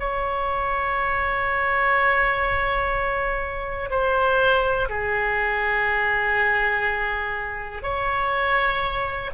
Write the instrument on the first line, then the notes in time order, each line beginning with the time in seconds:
oboe
0.00 C#5
3.90 C5
4.89 G#4
7.83 C#5